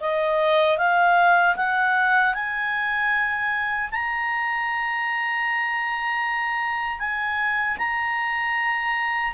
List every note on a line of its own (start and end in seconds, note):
0.00 0.78 D#5
0.78 1.56 F5
1.56 2.34 F#5
2.34 3.90 G#5
3.91 6.99 A#5
6.99 7.77 G#5
7.78 9.34 A#5